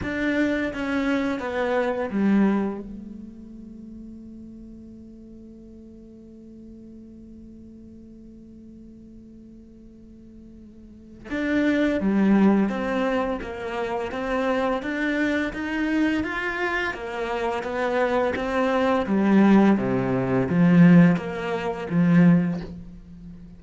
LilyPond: \new Staff \with { instrumentName = "cello" } { \time 4/4 \tempo 4 = 85 d'4 cis'4 b4 g4 | a1~ | a1~ | a1 |
d'4 g4 c'4 ais4 | c'4 d'4 dis'4 f'4 | ais4 b4 c'4 g4 | c4 f4 ais4 f4 | }